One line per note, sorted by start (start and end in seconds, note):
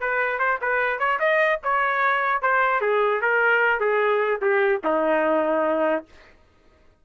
0.00 0.39 B4
0.39 0.59 C5
0.61 0.99 B4
0.99 1.19 C#5
1.19 1.60 D#5
1.63 2.41 C#5
2.41 2.81 C5
2.81 3.21 G#4
3.21 3.80 A#4
3.80 4.40 G#4
4.41 4.81 G4
4.84 6.05 D#4